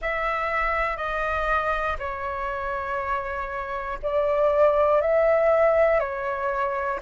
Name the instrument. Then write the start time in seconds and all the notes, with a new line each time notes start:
flute
0.01 E5
0.96 D#5
1.98 C#5
4.02 D5
5.01 E5
5.99 C#5